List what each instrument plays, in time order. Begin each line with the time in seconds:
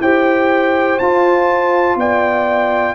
0.00 tuba E4, trombone G4, horn C5, trumpet G5
0.99 tuba F4, trombone F4, trumpet A5
1.96 tuba B3, horn D5, trumpet G5